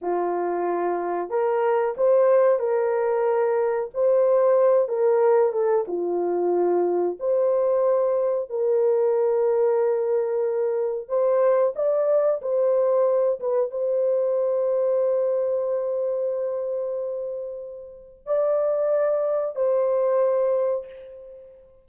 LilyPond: \new Staff \with { instrumentName = "horn" } { \time 4/4 \tempo 4 = 92 f'2 ais'4 c''4 | ais'2 c''4. ais'8~ | ais'8 a'8 f'2 c''4~ | c''4 ais'2.~ |
ais'4 c''4 d''4 c''4~ | c''8 b'8 c''2.~ | c''1 | d''2 c''2 | }